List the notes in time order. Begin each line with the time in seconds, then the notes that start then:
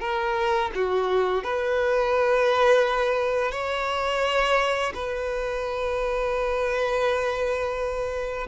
0.00 A#4
0.74 F#4
1.43 B4
3.52 C#5
4.94 B4